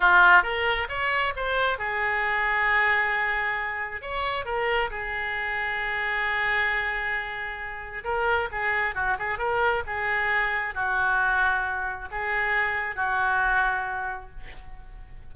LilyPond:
\new Staff \with { instrumentName = "oboe" } { \time 4/4 \tempo 4 = 134 f'4 ais'4 cis''4 c''4 | gis'1~ | gis'4 cis''4 ais'4 gis'4~ | gis'1~ |
gis'2 ais'4 gis'4 | fis'8 gis'8 ais'4 gis'2 | fis'2. gis'4~ | gis'4 fis'2. | }